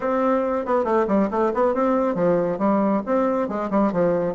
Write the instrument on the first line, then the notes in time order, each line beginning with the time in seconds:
bassoon
0.00 C4
0.65 B3
0.84 A3
1.07 G3
1.30 A3
1.54 B3
1.74 C4
2.15 F3
2.58 G3
3.06 C4
3.48 G#3
3.70 G3
3.92 F3